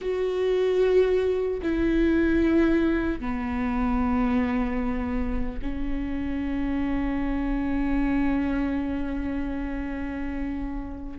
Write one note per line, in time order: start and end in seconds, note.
0.01 1.61 F#4
1.62 3.20 E4
3.20 5.60 B3
5.61 11.19 C#4